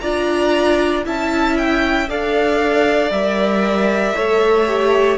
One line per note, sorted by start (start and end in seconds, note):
0.00 1.06 D4
0.00 1.05 F4
0.00 1.05 D5
0.00 1.03 A#5
1.05 2.10 C#4
1.05 2.09 E4
1.05 2.10 E5
1.05 1.58 A5
1.58 2.09 G5
2.09 3.11 D4
2.09 3.12 A4
2.09 4.16 D5
2.09 3.12 F5
3.11 4.14 G3
3.11 4.16 A#4
3.11 5.18 E5
4.16 5.18 A3
4.16 4.67 A4
4.16 5.18 C#5
4.67 5.18 G4